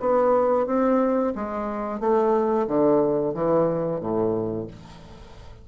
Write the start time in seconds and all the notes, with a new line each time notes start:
0.00 B3
0.66 C4
1.35 G#3
2.00 A3
2.67 D3
3.34 E3
4.00 A2